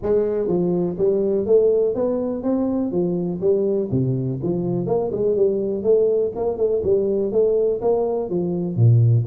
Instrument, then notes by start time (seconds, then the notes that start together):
tuba
0.02 G#3
0.47 F3
0.98 G3
1.46 A3
1.94 B3
2.42 C4
2.91 F3
3.40 G3
3.91 C3
4.42 F3
4.86 A#3
5.12 G#3
5.35 G3
5.83 A3
6.35 A#3
6.57 A3
6.83 G3
7.32 A3
7.81 A#3
8.29 F3
8.76 A#2